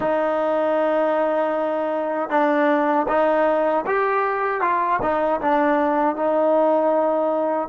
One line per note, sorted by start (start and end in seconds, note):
0.00 2.29 D#4
2.29 3.06 D4
3.08 3.85 D#4
3.86 4.61 G4
4.61 4.99 F4
5.02 5.40 D#4
5.41 6.15 D4
6.15 7.69 D#4